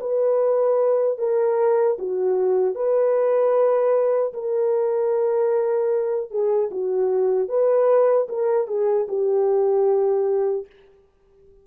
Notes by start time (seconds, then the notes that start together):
0.00 B4
1.18 A#4
1.98 F#4
2.75 B4
4.33 A#4
6.30 G#4
6.71 F#4
7.48 B4
8.29 A#4
8.67 G#4
9.08 G4